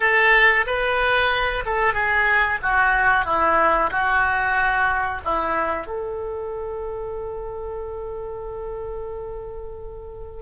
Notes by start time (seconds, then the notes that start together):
0.00 A4
0.66 B4
1.65 A4
1.93 G#4
2.62 F#4
3.25 E4
3.90 F#4
5.25 E4
5.86 A4